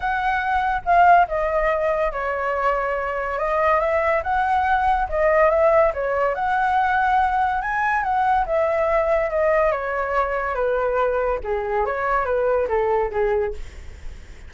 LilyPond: \new Staff \with { instrumentName = "flute" } { \time 4/4 \tempo 4 = 142 fis''2 f''4 dis''4~ | dis''4 cis''2. | dis''4 e''4 fis''2 | dis''4 e''4 cis''4 fis''4~ |
fis''2 gis''4 fis''4 | e''2 dis''4 cis''4~ | cis''4 b'2 gis'4 | cis''4 b'4 a'4 gis'4 | }